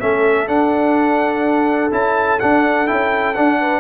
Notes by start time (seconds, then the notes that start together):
0.00 A3 C#4 A4 E5
0.47 D4 F#5
1.91 C#4 E4 A5
2.40 D4 F#5
2.87 C#4 E4 G5
3.34 D4 F#5
3.60 B4